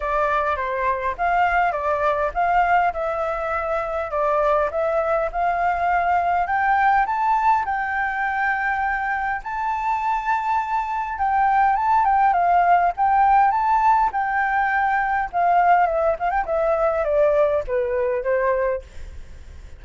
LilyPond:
\new Staff \with { instrumentName = "flute" } { \time 4/4 \tempo 4 = 102 d''4 c''4 f''4 d''4 | f''4 e''2 d''4 | e''4 f''2 g''4 | a''4 g''2. |
a''2. g''4 | a''8 g''8 f''4 g''4 a''4 | g''2 f''4 e''8 f''16 g''16 | e''4 d''4 b'4 c''4 | }